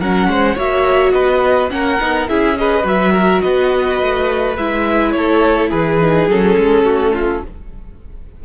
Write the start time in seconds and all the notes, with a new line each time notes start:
0.00 F#3 C#4 A#4 F#5
0.27 G#3 C5
0.55 A#3 F#4 C#5 E5
1.13 B3 B4 D#5
1.70 A#3 C#4 A#4 F#5
2.00 B3 D#4
2.28 C#4 E4 G#4 E5
2.57 G#4 B4 D#5
2.83 F#3 F#4 E5
3.13 A#4
3.42 B3 B4 D#5
4.02 A3
4.57 G#3 E4 E5
5.12 A3 A4 C#5
5.70 E3 G#4 B4
6.02 D#4
6.28 F#3 C#4 A4
6.58 G#3
6.83 A3 F#4
7.14 F4